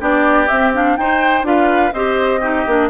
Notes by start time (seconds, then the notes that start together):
0.00 B3 D4 G4 D5
0.48 C4 E5
0.74 D4 F5
0.97 D#4 C5 G5
1.43 D4 F4 B4 F5
1.93 C4 G4 C5 D#5
2.41 D#4 G4
2.67 A#3 D4